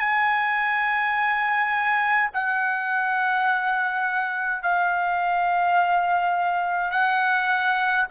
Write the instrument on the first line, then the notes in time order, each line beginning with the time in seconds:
trumpet
0.00 G#5
2.34 F#5
4.63 F5
6.91 F#5